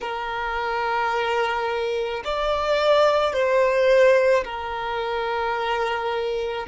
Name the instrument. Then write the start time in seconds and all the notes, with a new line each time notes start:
violin
0.01 A#4
2.24 D5
3.33 C5
4.44 A#4